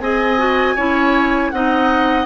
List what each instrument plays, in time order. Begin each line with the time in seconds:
0.00 bassoon C4, clarinet G#4, oboe D#5, flute G#5
0.38 clarinet F#4
0.75 bassoon C#4, clarinet E4, oboe C#5
1.50 bassoon C4, clarinet D#4, oboe D#5, flute F#5